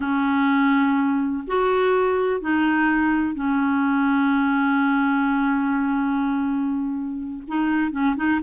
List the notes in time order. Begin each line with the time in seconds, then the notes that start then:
0.00 C#4
1.47 F#4
2.40 D#4
3.34 C#4
7.47 D#4
7.91 C#4
8.16 D#4